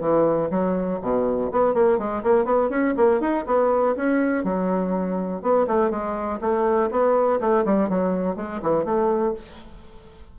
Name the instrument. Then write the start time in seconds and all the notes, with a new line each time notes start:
bassoon
0.00 E3
0.50 F#3
1.01 B2
1.51 B3
1.74 A#3
1.98 G#3
2.23 A#3
2.45 B3
2.69 C#4
2.96 A#3
3.20 D#4
3.46 B3
3.96 C#4
4.44 F#3
5.41 B3
5.67 A3
5.90 G#3
6.40 A3
6.91 B3
7.40 A3
7.65 G3
7.89 F#3
8.36 G#3
8.62 E3
8.84 A3